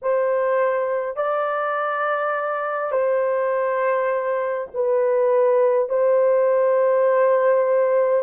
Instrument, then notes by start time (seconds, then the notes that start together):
horn
0.02 C5
1.16 D5
2.91 C5
4.74 B4
5.89 C5